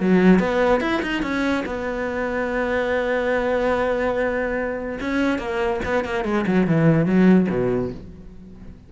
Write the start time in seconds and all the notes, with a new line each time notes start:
0.00 F#3
0.39 B3
0.80 E4
1.02 D#4
1.22 C#4
1.66 B3
5.00 C#4
5.38 A#3
5.85 B3
6.05 A#3
6.25 G#3
6.47 F#3
6.67 E3
7.06 F#3
7.50 B2